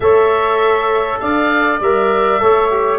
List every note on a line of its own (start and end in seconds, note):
0.00 1.18 A3
0.00 1.81 A4
0.00 1.21 C#5
0.00 1.19 E5
1.19 1.80 D4
1.19 2.40 D5
1.19 1.79 F5
1.80 2.40 G3
1.80 2.39 A#4
1.80 2.98 E5
2.39 2.98 A3
2.39 2.69 A4
2.39 2.98 C#5
2.70 2.98 G4